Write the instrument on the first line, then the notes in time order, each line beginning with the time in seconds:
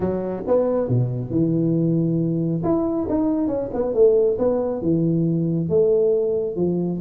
tuba
0.00 F#3
0.47 B3
0.88 B2
1.30 E3
2.63 E4
3.09 D#4
3.47 C#4
3.73 B3
3.94 A3
4.38 B3
4.81 E3
5.69 A3
6.56 F3